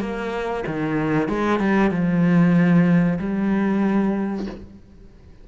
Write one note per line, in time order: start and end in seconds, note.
0.00 0.64 A#3
0.67 1.29 D#3
1.29 1.59 G#3
1.59 1.91 G3
1.91 3.18 F3
3.19 4.46 G3